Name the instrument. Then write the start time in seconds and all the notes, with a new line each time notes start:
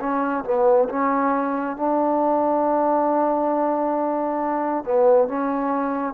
trombone
0.00 C#4
0.44 B3
0.89 C#4
1.76 D4
4.84 B3
5.28 C#4